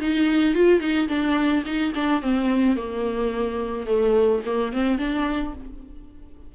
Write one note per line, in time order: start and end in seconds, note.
0.00 0.55 D#4
0.55 0.80 F4
0.80 1.08 D#4
1.08 1.64 D4
1.65 1.93 D#4
1.95 2.22 D4
2.22 2.76 C4
2.76 3.86 A#3
3.86 4.42 A3
4.45 4.72 A#3
4.72 4.98 C4
4.98 5.54 D4